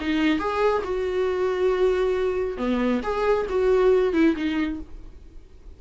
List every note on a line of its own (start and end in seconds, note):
0.00 0.39 D#4
0.39 0.83 G#4
0.84 2.57 F#4
2.57 3.01 B3
3.03 3.47 G#4
3.49 4.13 F#4
4.13 4.35 E4
4.36 4.80 D#4